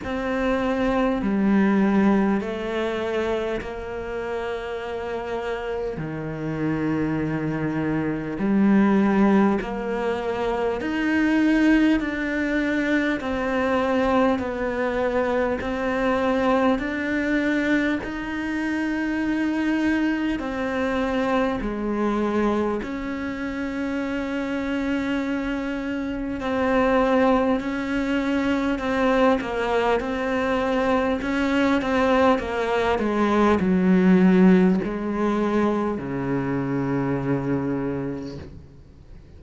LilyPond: \new Staff \with { instrumentName = "cello" } { \time 4/4 \tempo 4 = 50 c'4 g4 a4 ais4~ | ais4 dis2 g4 | ais4 dis'4 d'4 c'4 | b4 c'4 d'4 dis'4~ |
dis'4 c'4 gis4 cis'4~ | cis'2 c'4 cis'4 | c'8 ais8 c'4 cis'8 c'8 ais8 gis8 | fis4 gis4 cis2 | }